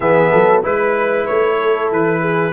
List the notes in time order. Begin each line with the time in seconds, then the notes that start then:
0.00 E3 B3 G#4 E5
0.31 F#3 A4
0.61 G#3 E4 B4
1.26 A3 C#5
1.59 A4
1.91 E3 B4
2.20 G#4